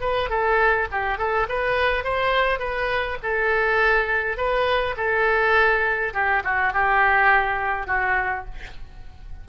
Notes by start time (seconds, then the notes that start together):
0.00 B4
0.29 A4
0.92 G4
1.18 A4
1.49 B4
2.04 C5
2.59 B4
3.23 A4
4.37 B4
4.97 A4
6.13 G4
6.44 F#4
6.73 G4
7.86 F#4